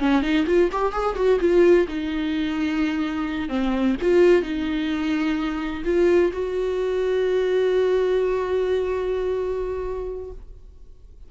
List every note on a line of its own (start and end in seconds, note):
0.00 0.22 C#4
0.22 0.46 D#4
0.47 0.70 F4
0.72 0.93 G4
0.93 1.16 G#4
1.16 1.40 F#4
1.40 1.87 F4
1.88 3.49 D#4
3.49 3.96 C4
4.02 4.43 F4
4.43 5.83 D#4
5.85 6.32 F4
6.33 10.32 F#4